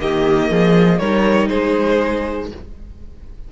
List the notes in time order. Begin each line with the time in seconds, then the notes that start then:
0.00 D#3 A#3 G4 D#5
0.50 F3 G#4
0.99 G3 D#4 A#4 C#5
1.48 G#3 G#4 C5